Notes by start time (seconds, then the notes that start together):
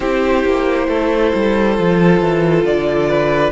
0.00 C4 E4 G4 C5
0.44 A#3
0.88 A3 A4
1.34 G3
1.76 F3 F4
2.20 E3
2.65 D3 D5
3.08 B4